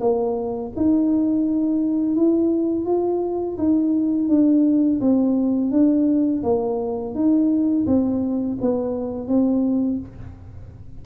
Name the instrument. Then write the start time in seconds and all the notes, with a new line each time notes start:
tuba
0.00 A#3
0.76 D#4
2.16 E4
2.85 F4
3.58 D#4
4.29 D4
5.01 C4
5.71 D4
6.43 A#3
7.14 D#4
7.86 C4
8.61 B3
9.28 C4